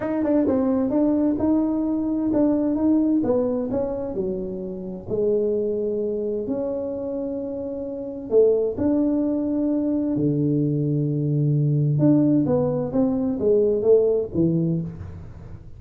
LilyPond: \new Staff \with { instrumentName = "tuba" } { \time 4/4 \tempo 4 = 130 dis'8 d'8 c'4 d'4 dis'4~ | dis'4 d'4 dis'4 b4 | cis'4 fis2 gis4~ | gis2 cis'2~ |
cis'2 a4 d'4~ | d'2 d2~ | d2 d'4 b4 | c'4 gis4 a4 e4 | }